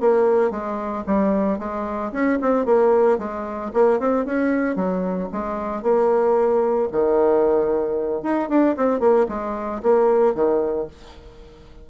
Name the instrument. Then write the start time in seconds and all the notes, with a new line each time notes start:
bassoon
0.00 A#3
0.50 G#3
1.06 G3
1.58 G#3
2.12 C#4
2.41 C4
2.65 A#3
3.18 G#3
3.73 A#3
3.99 C4
4.25 C#4
4.75 F#3
5.32 G#3
5.82 A#3
6.91 D#3
8.23 D#4
8.49 D4
8.77 C4
9.00 A#3
9.28 G#3
9.82 A#3
10.34 D#3